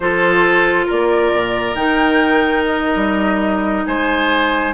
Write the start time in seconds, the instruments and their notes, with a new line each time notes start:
0.00 bassoon F3, clarinet F4, oboe A4, flute C5
0.86 bassoon A#3, oboe A#4, flute D5
1.32 bassoon A#2
1.74 bassoon D#3, clarinet D#4, flute G5
2.65 flute D#5
2.95 bassoon G3
3.85 bassoon G#3, oboe C5, flute G#5